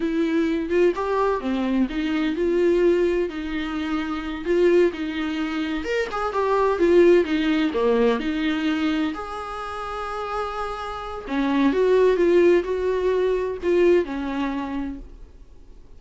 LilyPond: \new Staff \with { instrumentName = "viola" } { \time 4/4 \tempo 4 = 128 e'4. f'8 g'4 c'4 | dis'4 f'2 dis'4~ | dis'4. f'4 dis'4.~ | dis'8 ais'8 gis'8 g'4 f'4 dis'8~ |
dis'8 ais4 dis'2 gis'8~ | gis'1 | cis'4 fis'4 f'4 fis'4~ | fis'4 f'4 cis'2 | }